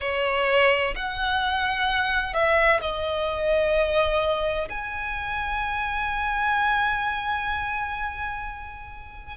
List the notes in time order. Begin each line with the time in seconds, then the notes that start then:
0.00 C#5
0.95 F#5
2.33 E5
2.80 D#5
4.69 G#5